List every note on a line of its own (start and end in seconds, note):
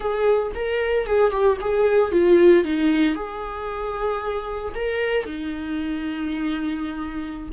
0.00 0.52 G#4
0.55 1.06 A#4
1.06 1.30 G#4
1.30 1.57 G4
1.60 2.11 G#4
2.11 2.64 F4
2.64 3.15 D#4
3.15 4.73 G#4
4.74 5.25 A#4
5.25 7.49 D#4